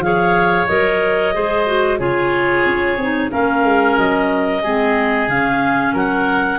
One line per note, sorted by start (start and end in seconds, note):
0.00 0.66 F3
0.00 0.68 G#4
0.00 1.35 C#5
0.00 0.68 F5
0.68 1.36 F#3
0.68 1.34 A#4
0.68 1.99 D#5
1.34 2.00 G#3
1.34 1.66 G#4
1.34 1.99 C5
1.66 1.99 F#4
1.99 2.65 C#3
1.99 2.98 F4
1.99 3.31 G#4
1.99 3.31 C#5
2.65 2.97 C#4
2.97 3.30 C4
2.97 3.30 D#4
3.30 3.64 A#3
3.30 4.62 C#4
3.30 4.63 A#4
3.30 3.98 F5
3.64 3.97 G#3
3.98 4.64 F#3
3.98 5.29 D#5
4.63 5.28 G#3
4.63 5.30 C4
4.63 5.93 G#4
5.28 5.94 C#3
5.28 6.59 C#4
5.28 5.95 F5
5.93 6.59 F#3
5.93 6.59 A#4
5.93 6.59 F#5